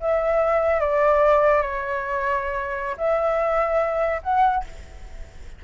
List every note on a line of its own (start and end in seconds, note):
0.00 0.80 E5
0.80 1.61 D5
1.61 2.96 C#5
2.97 4.21 E5
4.23 4.64 F#5